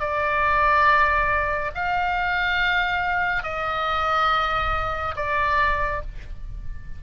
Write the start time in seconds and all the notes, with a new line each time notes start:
0.00 D5
1.75 F5
3.44 D#5
5.16 D5